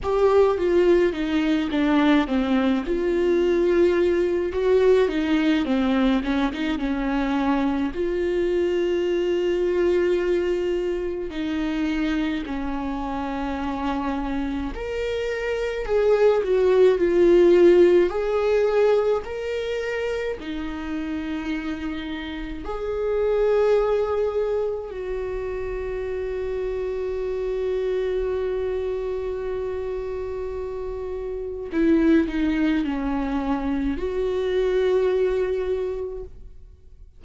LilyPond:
\new Staff \with { instrumentName = "viola" } { \time 4/4 \tempo 4 = 53 g'8 f'8 dis'8 d'8 c'8 f'4. | fis'8 dis'8 c'8 cis'16 dis'16 cis'4 f'4~ | f'2 dis'4 cis'4~ | cis'4 ais'4 gis'8 fis'8 f'4 |
gis'4 ais'4 dis'2 | gis'2 fis'2~ | fis'1 | e'8 dis'8 cis'4 fis'2 | }